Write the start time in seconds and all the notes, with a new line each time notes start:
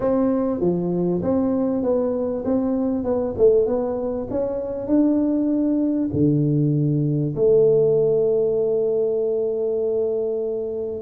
0.00 C4
0.60 F3
1.22 C4
1.83 B3
2.44 C4
3.04 B3
3.37 A3
3.66 B3
4.30 C#4
4.87 D4
6.12 D3
7.35 A3